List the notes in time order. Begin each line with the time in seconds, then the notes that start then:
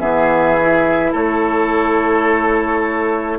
0.00 E3 B3 G#4 E5
0.61 E4
1.12 A3 A4 C#5